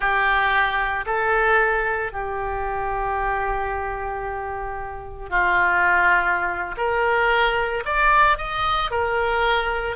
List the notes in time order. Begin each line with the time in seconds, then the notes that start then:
0.00 G4
1.06 A4
2.12 G4
5.29 F4
6.77 A#4
7.85 D5
8.37 D#5
8.90 A#4